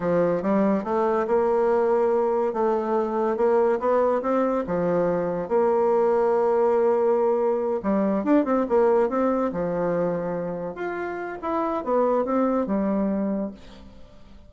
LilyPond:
\new Staff \with { instrumentName = "bassoon" } { \time 4/4 \tempo 4 = 142 f4 g4 a4 ais4~ | ais2 a2 | ais4 b4 c'4 f4~ | f4 ais2.~ |
ais2~ ais8 g4 d'8 | c'8 ais4 c'4 f4.~ | f4. f'4. e'4 | b4 c'4 g2 | }